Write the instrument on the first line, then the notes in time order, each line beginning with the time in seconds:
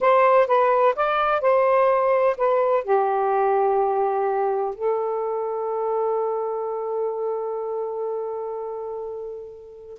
saxophone
0.00 C5
0.47 B4
0.95 D5
1.41 C5
2.37 B4
2.84 G4
4.74 A4